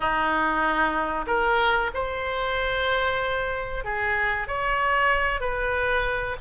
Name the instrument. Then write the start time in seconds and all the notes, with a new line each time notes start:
oboe
0.00 D#4
1.26 A#4
1.94 C5
3.84 G#4
4.47 C#5
5.40 B4